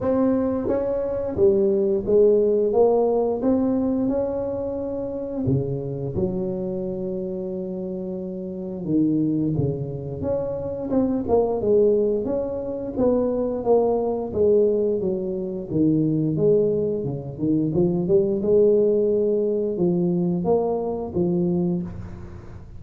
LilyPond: \new Staff \with { instrumentName = "tuba" } { \time 4/4 \tempo 4 = 88 c'4 cis'4 g4 gis4 | ais4 c'4 cis'2 | cis4 fis2.~ | fis4 dis4 cis4 cis'4 |
c'8 ais8 gis4 cis'4 b4 | ais4 gis4 fis4 dis4 | gis4 cis8 dis8 f8 g8 gis4~ | gis4 f4 ais4 f4 | }